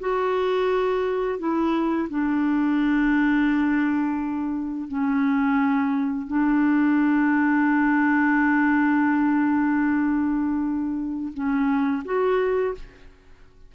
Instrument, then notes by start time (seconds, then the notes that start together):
clarinet
0.00 F#4
1.39 E4
2.10 D4
4.88 C#4
6.27 D4
11.33 C#4
12.05 F#4